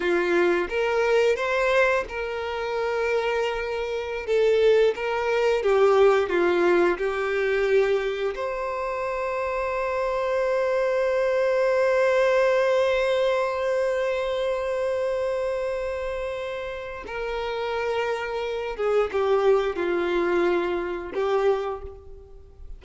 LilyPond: \new Staff \with { instrumentName = "violin" } { \time 4/4 \tempo 4 = 88 f'4 ais'4 c''4 ais'4~ | ais'2~ ais'16 a'4 ais'8.~ | ais'16 g'4 f'4 g'4.~ g'16~ | g'16 c''2.~ c''8.~ |
c''1~ | c''1~ | c''4 ais'2~ ais'8 gis'8 | g'4 f'2 g'4 | }